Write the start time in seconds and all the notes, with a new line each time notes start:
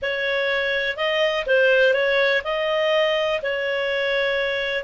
0.01 C#5
0.97 D#5
1.46 C5
1.93 C#5
2.44 D#5
3.42 C#5